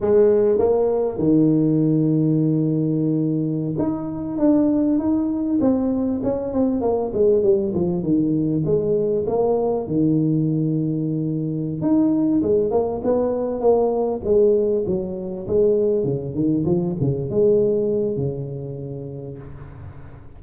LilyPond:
\new Staff \with { instrumentName = "tuba" } { \time 4/4 \tempo 4 = 99 gis4 ais4 dis2~ | dis2~ dis16 dis'4 d'8.~ | d'16 dis'4 c'4 cis'8 c'8 ais8 gis16~ | gis16 g8 f8 dis4 gis4 ais8.~ |
ais16 dis2.~ dis16 dis'8~ | dis'8 gis8 ais8 b4 ais4 gis8~ | gis8 fis4 gis4 cis8 dis8 f8 | cis8 gis4. cis2 | }